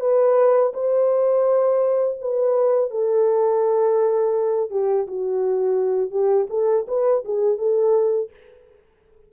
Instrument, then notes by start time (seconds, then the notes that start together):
horn
0.00 B4
0.74 C5
2.21 B4
2.90 A4
4.71 G4
5.07 F#4
6.11 G4
6.50 A4
6.88 B4
7.25 G#4
7.58 A4